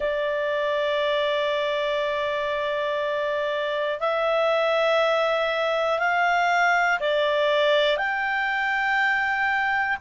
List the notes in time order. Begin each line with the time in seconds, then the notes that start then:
0.00 D5
4.00 E5
5.99 F5
7.00 D5
7.97 G5